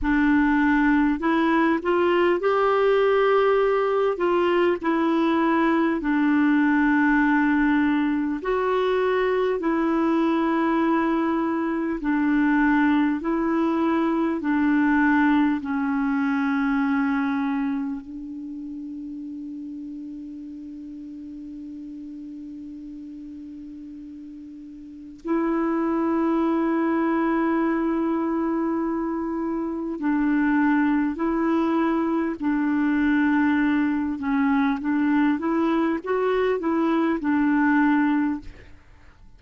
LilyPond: \new Staff \with { instrumentName = "clarinet" } { \time 4/4 \tempo 4 = 50 d'4 e'8 f'8 g'4. f'8 | e'4 d'2 fis'4 | e'2 d'4 e'4 | d'4 cis'2 d'4~ |
d'1~ | d'4 e'2.~ | e'4 d'4 e'4 d'4~ | d'8 cis'8 d'8 e'8 fis'8 e'8 d'4 | }